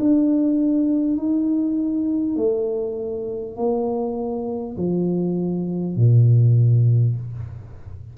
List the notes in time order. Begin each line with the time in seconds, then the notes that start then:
0.00 D4
1.17 D#4
2.36 A3
3.56 A#3
4.77 F3
5.97 A#2